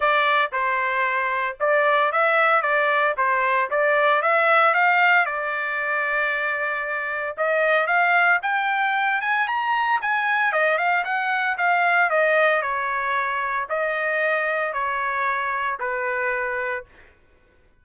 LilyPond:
\new Staff \with { instrumentName = "trumpet" } { \time 4/4 \tempo 4 = 114 d''4 c''2 d''4 | e''4 d''4 c''4 d''4 | e''4 f''4 d''2~ | d''2 dis''4 f''4 |
g''4. gis''8 ais''4 gis''4 | dis''8 f''8 fis''4 f''4 dis''4 | cis''2 dis''2 | cis''2 b'2 | }